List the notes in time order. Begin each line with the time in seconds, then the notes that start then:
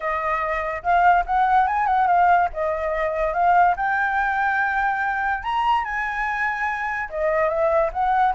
0.00 D#5
0.82 F5
1.26 F#5
1.67 G#5
1.86 F#5
2.07 F5
2.53 D#5
3.33 F5
3.76 G5
5.43 A#5
5.84 G#5
7.09 D#5
7.48 E5
7.92 F#5